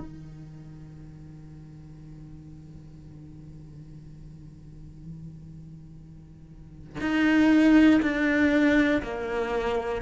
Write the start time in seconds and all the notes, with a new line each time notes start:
0.00 D#3
7.01 D#4
8.03 D4
9.03 A#3